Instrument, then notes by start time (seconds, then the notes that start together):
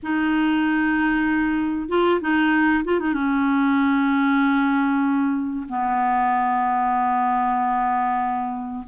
clarinet
0.03 D#4
1.89 F4
2.20 D#4
2.84 F4
2.99 D#4
3.13 C#4
5.68 B3